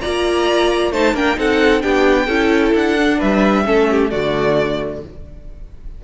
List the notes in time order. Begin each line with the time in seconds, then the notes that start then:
0.00 A#3 F4 D5 A#5
0.91 A3 D#4 C5 A5
1.13 A#3 D4 A#4 G5
1.35 C4 D#4 A4 F#5
1.80 B3 D4 G4 G5
2.26 C#4 E4 A4
2.75 D4 F#5
2.98 D4
3.18 G3 B4 E5
3.64 A3 C#4 A4
3.90 G4
4.10 D3 A3 F#4 D5